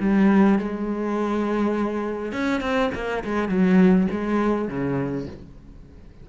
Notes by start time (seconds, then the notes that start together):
0.00 G3
0.59 G#3
2.32 C#4
2.61 C4
2.94 A#3
3.24 G#3
3.48 F#3
4.11 G#3
4.68 C#3